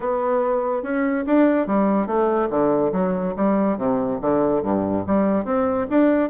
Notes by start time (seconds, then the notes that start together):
0.00 B3
0.82 C#4
1.26 D4
1.66 G3
2.07 A3
2.50 D3
2.92 F#3
3.36 G3
3.77 C3
4.21 D3
4.62 G2
5.06 G3
5.44 C4
5.90 D4